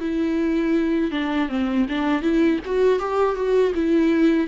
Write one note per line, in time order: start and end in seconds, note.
0.00 1.11 E4
1.11 1.49 D4
1.49 1.86 C4
1.89 2.22 D4
2.22 2.59 E4
2.65 2.99 F#4
2.99 3.35 G4
3.35 3.73 F#4
3.75 4.47 E4